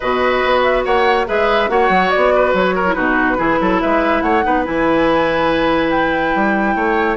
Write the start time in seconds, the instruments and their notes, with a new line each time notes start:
0.00 bassoon B2, clarinet F#4, oboe B4, flute D#5
0.45 bassoon B3
0.62 flute E5
0.84 bassoon A#3, oboe C#5, flute F#5
1.26 bassoon G#3, clarinet G#4, oboe B4, flute E5
1.68 bassoon A#3, clarinet F#4, oboe C#5, flute F#5
1.89 bassoon F#3
2.10 flute D5
2.16 bassoon B3
2.34 oboe B4
2.53 bassoon F#3, flute C#5
2.75 oboe A#4
2.85 clarinet E4
2.93 bassoon B2, clarinet D#4, oboe F#4, flute B4
3.37 bassoon E3, clarinet E4, oboe G#4
3.60 bassoon F#3, oboe A4
3.80 bassoon G#3, oboe B4, flute E5
4.21 bassoon A3, oboe C#5, flute F#5
4.42 bassoon B3, clarinet D#4, oboe B4
4.64 bassoon E3, clarinet E4, flute G#5
5.90 flute G5
6.34 bassoon G3
6.75 bassoon A3, oboe C#5